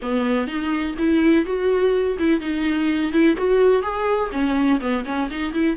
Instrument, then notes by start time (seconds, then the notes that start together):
viola
0.02 B3
0.47 D#4
0.98 E4
1.45 F#4
2.19 E4
2.40 D#4
3.12 E4
3.36 F#4
3.82 G#4
4.31 C#4
4.80 B3
5.05 C#4
5.30 D#4
5.53 E4